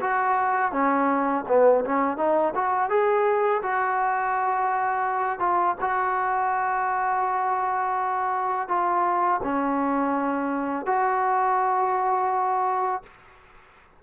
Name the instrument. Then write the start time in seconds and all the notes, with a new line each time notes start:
trombone
0.00 F#4
0.72 C#4
1.48 B3
1.84 C#4
2.17 D#4
2.54 F#4
2.89 G#4
3.62 F#4
5.39 F4
5.80 F#4
8.68 F4
9.43 C#4
10.86 F#4